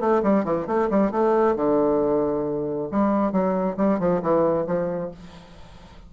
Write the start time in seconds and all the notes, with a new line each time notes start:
0.00 A3
0.23 G3
0.45 E3
0.67 A3
0.90 G3
1.11 A3
1.56 D3
2.91 G3
3.32 F#3
3.77 G3
3.99 F3
4.22 E3
4.67 F3